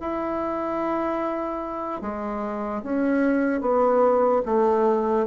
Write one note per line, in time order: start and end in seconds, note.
0.00 2.01 E4
2.01 2.82 G#3
2.83 3.61 C#4
3.61 4.42 B3
4.45 5.26 A3